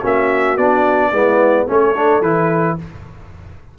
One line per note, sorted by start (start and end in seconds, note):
0.00 0.57 A#3
0.00 0.58 C#4
0.00 1.10 F#4
0.06 0.58 E5
0.57 1.12 B3
0.57 1.13 D4
0.57 1.68 D5
1.11 1.67 G#3
1.11 1.68 B3
1.11 1.66 E4
1.67 2.22 A3
1.67 1.95 C#4
1.67 2.78 A4
1.67 2.23 C#5
1.96 2.24 D4
2.22 2.77 E3
2.22 2.79 E4
2.22 2.78 B4